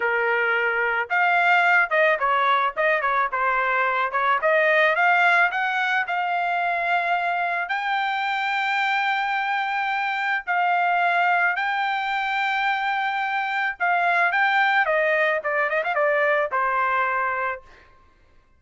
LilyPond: \new Staff \with { instrumentName = "trumpet" } { \time 4/4 \tempo 4 = 109 ais'2 f''4. dis''8 | cis''4 dis''8 cis''8 c''4. cis''8 | dis''4 f''4 fis''4 f''4~ | f''2 g''2~ |
g''2. f''4~ | f''4 g''2.~ | g''4 f''4 g''4 dis''4 | d''8 dis''16 f''16 d''4 c''2 | }